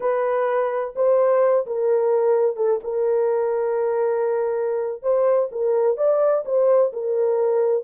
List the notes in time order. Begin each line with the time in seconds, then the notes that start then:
0.00 B4
0.95 C5
1.66 A#4
2.56 A4
2.83 A#4
5.02 C5
5.51 A#4
5.97 D5
6.45 C5
6.93 A#4